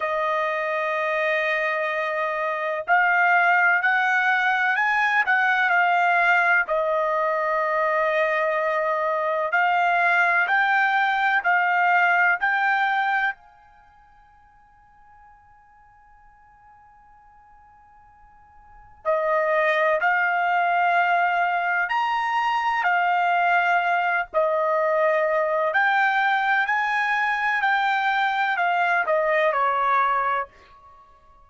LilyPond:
\new Staff \with { instrumentName = "trumpet" } { \time 4/4 \tempo 4 = 63 dis''2. f''4 | fis''4 gis''8 fis''8 f''4 dis''4~ | dis''2 f''4 g''4 | f''4 g''4 gis''2~ |
gis''1 | dis''4 f''2 ais''4 | f''4. dis''4. g''4 | gis''4 g''4 f''8 dis''8 cis''4 | }